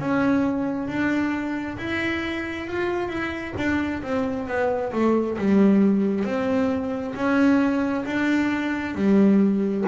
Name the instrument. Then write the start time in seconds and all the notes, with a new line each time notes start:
double bass
0.00 C#4
0.88 D4
1.78 E4
2.68 F4
3.09 E4
3.58 D4
4.03 C4
4.48 B3
4.93 A3
5.39 G3
6.25 C4
7.16 C#4
8.06 D4
8.96 G3